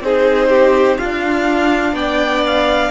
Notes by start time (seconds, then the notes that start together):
0.00 C4 D#4 G#4 C5
0.49 G4
0.98 D4 F4 F5
1.92 B3 D5 G5
2.47 F5